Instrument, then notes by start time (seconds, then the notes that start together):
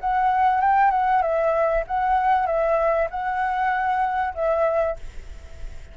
flute
0.00 F#5
0.61 G5
0.91 F#5
1.22 E5
1.87 F#5
2.47 E5
3.11 F#5
4.35 E5